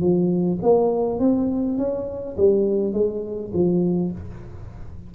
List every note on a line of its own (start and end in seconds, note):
0.00 0.58 F3
0.62 1.19 A#3
1.19 1.78 C4
1.78 2.36 C#4
2.37 2.93 G3
2.93 3.51 G#3
3.53 4.11 F3